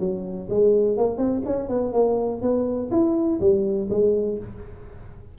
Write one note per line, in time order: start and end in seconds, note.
0.00 0.49 F#3
0.50 0.98 G#3
0.98 1.18 A#3
1.18 1.42 C4
1.46 1.69 C#4
1.69 1.93 B3
1.93 2.42 A#3
2.42 2.91 B3
2.92 3.40 E4
3.41 3.89 G3
3.90 4.39 G#3